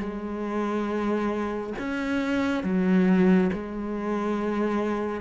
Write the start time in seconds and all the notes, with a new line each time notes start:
0.00 G#3
1.79 C#4
2.64 F#3
3.53 G#3